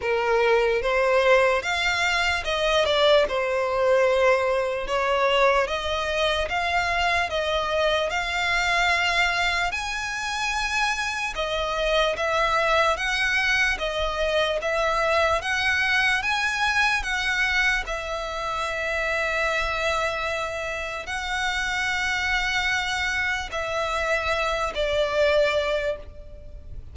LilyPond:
\new Staff \with { instrumentName = "violin" } { \time 4/4 \tempo 4 = 74 ais'4 c''4 f''4 dis''8 d''8 | c''2 cis''4 dis''4 | f''4 dis''4 f''2 | gis''2 dis''4 e''4 |
fis''4 dis''4 e''4 fis''4 | gis''4 fis''4 e''2~ | e''2 fis''2~ | fis''4 e''4. d''4. | }